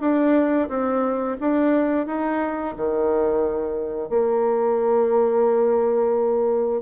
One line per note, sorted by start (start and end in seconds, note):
0.00 0.68 D4
0.68 1.36 C4
1.40 2.06 D4
2.06 2.74 D#4
2.76 4.09 D#3
4.09 6.81 A#3